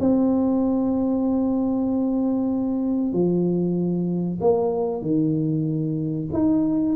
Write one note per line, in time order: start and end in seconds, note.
0.00 3.13 C4
3.13 4.39 F3
4.41 5.02 A#3
5.02 6.28 D#3
6.33 6.96 D#4